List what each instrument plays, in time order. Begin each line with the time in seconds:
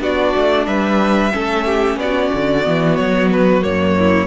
0.00 cello B3, viola D4, violin F#4 D5
0.37 cello A3
0.67 cello G3, violin B4 E5
1.32 cello A3, viola C#4, violin A4
1.66 violin G4
1.97 cello B3, violin F#4 D5
2.34 cello D3
2.64 cello E3, viola B3
2.96 cello F#3, violin C#5
3.33 violin B4
3.62 cello F#2, viola A#3, violin C#5
3.99 violin E4